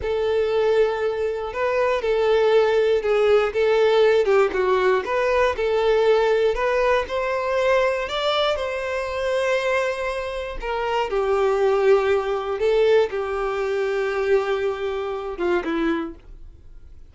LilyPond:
\new Staff \with { instrumentName = "violin" } { \time 4/4 \tempo 4 = 119 a'2. b'4 | a'2 gis'4 a'4~ | a'8 g'8 fis'4 b'4 a'4~ | a'4 b'4 c''2 |
d''4 c''2.~ | c''4 ais'4 g'2~ | g'4 a'4 g'2~ | g'2~ g'8 f'8 e'4 | }